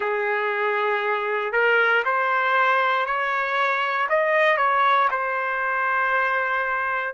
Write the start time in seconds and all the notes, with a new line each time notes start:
0.00 G#4
1.52 A#4
2.04 C5
3.06 C#5
4.09 D#5
4.57 C#5
5.10 C5